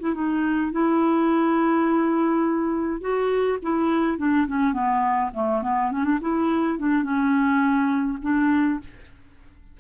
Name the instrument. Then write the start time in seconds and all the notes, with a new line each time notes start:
clarinet
0.00 E4
0.14 D#4
0.72 E4
3.01 F#4
3.62 E4
4.18 D4
4.47 C#4
4.73 B3
5.34 A3
5.62 B3
5.91 C#4
6.04 D4
6.22 E4
6.79 D4
7.03 C#4
8.22 D4